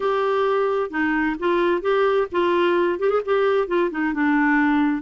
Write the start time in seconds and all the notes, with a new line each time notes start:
0.00 G4
0.90 D#4
1.39 F4
1.81 G4
2.31 F4
2.99 G4
3.09 G#4
3.25 G4
3.67 F4
3.90 D#4
4.13 D4